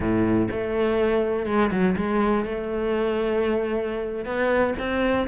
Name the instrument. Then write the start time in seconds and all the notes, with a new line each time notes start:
cello
0.00 A2
0.51 A3
1.46 G#3
1.71 F#3
1.96 G#3
2.45 A3
4.25 B3
4.78 C4